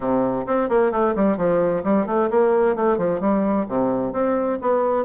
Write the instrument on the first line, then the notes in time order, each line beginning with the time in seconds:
bassoon
0.00 C3
0.46 C4
0.69 A#3
0.91 A3
1.15 G3
1.37 F3
1.83 G3
2.06 A3
2.30 A#3
2.75 A3
2.97 F3
3.20 G3
3.68 C3
4.13 C4
4.61 B3